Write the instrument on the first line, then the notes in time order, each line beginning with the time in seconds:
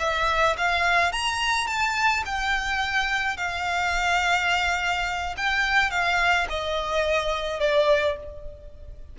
violin
0.00 E5
0.58 F5
1.13 A#5
1.67 A5
2.26 G5
3.38 F5
5.38 G5
5.91 F5
6.50 D#5
7.61 D5